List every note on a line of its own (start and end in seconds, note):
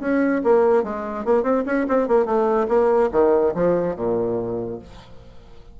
0.00 0.42 C#4
0.44 0.83 A#3
0.83 1.25 G#3
1.25 1.43 A#3
1.43 1.64 C4
1.66 1.87 C#4
1.88 2.08 C4
2.08 2.26 A#3
2.26 2.67 A3
2.68 3.10 A#3
3.12 3.53 D#3
3.55 3.96 F3
3.96 4.79 A#2